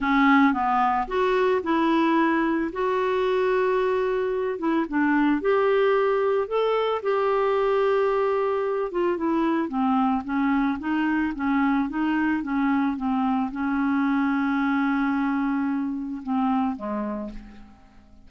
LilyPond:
\new Staff \with { instrumentName = "clarinet" } { \time 4/4 \tempo 4 = 111 cis'4 b4 fis'4 e'4~ | e'4 fis'2.~ | fis'8 e'8 d'4 g'2 | a'4 g'2.~ |
g'8 f'8 e'4 c'4 cis'4 | dis'4 cis'4 dis'4 cis'4 | c'4 cis'2.~ | cis'2 c'4 gis4 | }